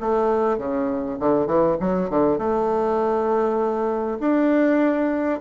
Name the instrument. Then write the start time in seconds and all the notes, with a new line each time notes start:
bassoon
0.00 A3
0.58 C#3
1.19 D3
1.47 E3
1.80 F#3
2.10 D3
2.38 A3
4.21 D4